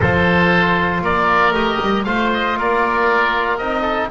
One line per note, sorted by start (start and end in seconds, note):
0.00 1.01 F3
0.00 1.53 F4
0.00 1.02 A4
0.00 1.03 C5
1.01 1.51 A#3
1.01 2.06 A#4
1.01 1.54 D5
1.51 1.77 A3
1.51 2.04 G4
1.51 2.03 D#5
1.81 2.06 G3
2.03 2.57 A3
2.03 3.60 F4
2.03 2.57 C5
2.03 2.29 F5
2.33 2.59 D#5
2.57 3.59 A#3
2.57 3.81 A#4
2.57 3.57 D5
3.57 4.10 C4
3.57 4.10 D#4
3.57 4.08 D#5
3.81 4.07 A4